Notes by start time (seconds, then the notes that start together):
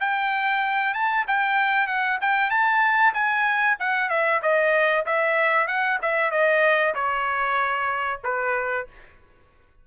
0.00 G5
0.93 A5
1.27 G5
1.87 F#5
2.21 G5
2.50 A5
3.13 G#5
3.79 F#5
4.09 E5
4.42 D#5
5.05 E5
5.67 F#5
6.01 E5
6.31 D#5
6.94 C#5
8.23 B4